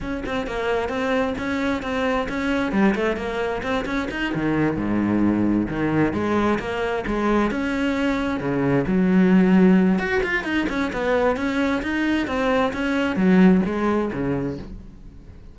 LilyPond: \new Staff \with { instrumentName = "cello" } { \time 4/4 \tempo 4 = 132 cis'8 c'8 ais4 c'4 cis'4 | c'4 cis'4 g8 a8 ais4 | c'8 cis'8 dis'8 dis4 gis,4.~ | gis,8 dis4 gis4 ais4 gis8~ |
gis8 cis'2 cis4 fis8~ | fis2 fis'8 f'8 dis'8 cis'8 | b4 cis'4 dis'4 c'4 | cis'4 fis4 gis4 cis4 | }